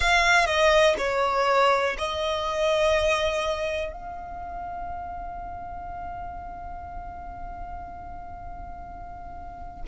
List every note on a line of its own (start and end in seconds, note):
0.00 0.46 F5
0.46 0.95 D#5
0.97 1.96 C#5
1.98 3.92 D#5
3.92 9.82 F5